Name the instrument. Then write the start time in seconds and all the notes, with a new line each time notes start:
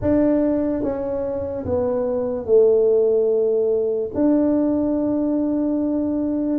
tuba
0.01 D4
0.82 C#4
1.65 B3
2.45 A3
4.14 D4